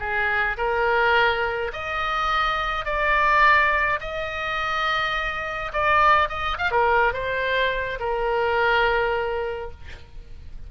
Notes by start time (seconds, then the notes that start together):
0.00 G#4
0.58 A#4
1.74 D#5
2.86 D5
4.01 D#5
5.74 D5
6.29 D#5
6.59 F5
6.72 A#4
7.14 C5
8.00 A#4